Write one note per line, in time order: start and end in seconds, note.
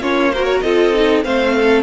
0.00 0.61 A#3
0.00 0.32 C#4
0.00 0.32 F4
0.00 0.33 C#5
0.33 0.65 F#4
0.33 0.64 A#4
0.33 0.44 C5
0.44 0.60 C#5
0.60 1.25 C4
0.60 0.94 F4
0.60 1.25 A4
0.60 1.22 D#5
0.94 1.24 D#4
1.24 1.83 A3
1.24 1.83 C4
1.24 1.55 C5
1.24 1.83 F5
1.55 1.83 A4